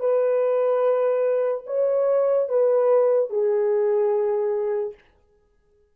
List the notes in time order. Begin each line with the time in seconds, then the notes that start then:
0.00 B4
1.67 C#5
2.49 B4
3.30 G#4